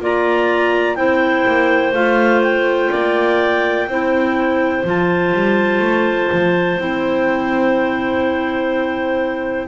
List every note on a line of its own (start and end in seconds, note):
0.00 0.97 A#3
0.00 0.96 F4
0.00 0.97 D5
0.00 0.95 A#5
0.95 1.45 C4
0.95 1.93 E4
0.95 2.91 C5
0.95 1.92 G5
1.47 1.93 A#3
1.93 2.90 A3
1.93 3.87 F4
1.93 2.42 F5
2.43 4.84 G5
2.91 3.87 A#3
2.91 3.87 D5
3.87 4.84 C4
3.87 4.85 E4
3.87 9.68 C5
4.84 5.33 F3
4.84 6.78 F4
4.84 6.82 A5
5.34 5.80 G3
5.80 6.28 A3
6.33 6.78 F3
6.78 9.68 C4
6.78 9.68 E4
6.78 9.68 G5